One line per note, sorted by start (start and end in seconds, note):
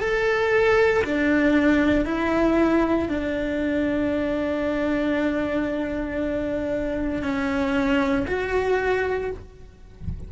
0.00 1.03 A4
1.04 2.05 D4
2.05 3.09 E4
3.09 7.23 D4
7.23 8.26 C#4
8.28 9.31 F#4